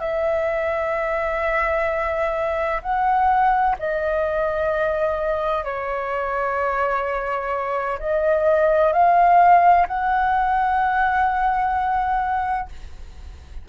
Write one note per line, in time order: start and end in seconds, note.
0.00 2.81 E5
2.83 3.76 F#5
3.80 5.65 D#5
5.65 7.99 C#5
7.99 8.93 D#5
8.93 9.87 F5
9.88 12.69 F#5